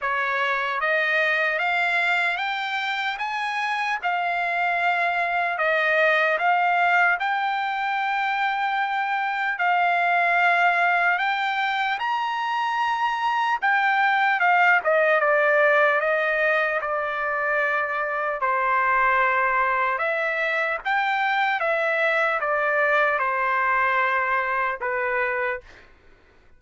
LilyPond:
\new Staff \with { instrumentName = "trumpet" } { \time 4/4 \tempo 4 = 75 cis''4 dis''4 f''4 g''4 | gis''4 f''2 dis''4 | f''4 g''2. | f''2 g''4 ais''4~ |
ais''4 g''4 f''8 dis''8 d''4 | dis''4 d''2 c''4~ | c''4 e''4 g''4 e''4 | d''4 c''2 b'4 | }